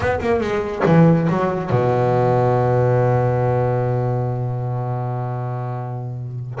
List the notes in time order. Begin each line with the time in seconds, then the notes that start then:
0.00 B3
0.20 A#3
0.40 G#3
0.85 E3
1.29 F#3
1.69 B2